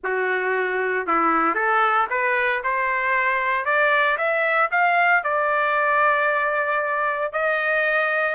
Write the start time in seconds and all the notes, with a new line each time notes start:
0.03 F#4
1.06 E4
1.55 A4
2.10 B4
2.63 C5
3.65 D5
4.17 E5
4.71 F5
5.23 D5
7.32 D#5